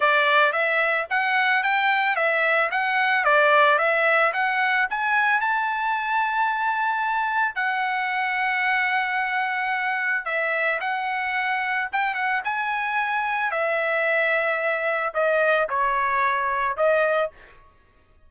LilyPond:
\new Staff \with { instrumentName = "trumpet" } { \time 4/4 \tempo 4 = 111 d''4 e''4 fis''4 g''4 | e''4 fis''4 d''4 e''4 | fis''4 gis''4 a''2~ | a''2 fis''2~ |
fis''2. e''4 | fis''2 g''8 fis''8 gis''4~ | gis''4 e''2. | dis''4 cis''2 dis''4 | }